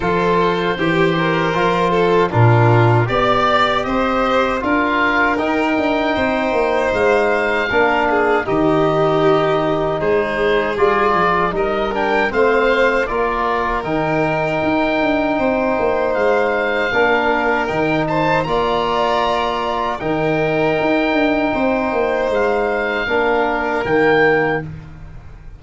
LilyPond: <<
  \new Staff \with { instrumentName = "oboe" } { \time 4/4 \tempo 4 = 78 c''2. ais'4 | d''4 dis''4 f''4 g''4~ | g''4 f''2 dis''4~ | dis''4 c''4 d''4 dis''8 g''8 |
f''4 d''4 g''2~ | g''4 f''2 g''8 a''8 | ais''2 g''2~ | g''4 f''2 g''4 | }
  \new Staff \with { instrumentName = "violin" } { \time 4/4 a'4 g'8 ais'4 a'8 f'4 | d''4 c''4 ais'2 | c''2 ais'8 gis'8 g'4~ | g'4 gis'2 ais'4 |
c''4 ais'2. | c''2 ais'4. c''8 | d''2 ais'2 | c''2 ais'2 | }
  \new Staff \with { instrumentName = "trombone" } { \time 4/4 f'4 g'4 f'4 d'4 | g'2 f'4 dis'4~ | dis'2 d'4 dis'4~ | dis'2 f'4 dis'8 d'8 |
c'4 f'4 dis'2~ | dis'2 d'4 dis'4 | f'2 dis'2~ | dis'2 d'4 ais4 | }
  \new Staff \with { instrumentName = "tuba" } { \time 4/4 f4 e4 f4 ais,4 | b4 c'4 d'4 dis'8 d'8 | c'8 ais8 gis4 ais4 dis4~ | dis4 gis4 g8 f8 g4 |
a4 ais4 dis4 dis'8 d'8 | c'8 ais8 gis4 ais4 dis4 | ais2 dis4 dis'8 d'8 | c'8 ais8 gis4 ais4 dis4 | }
>>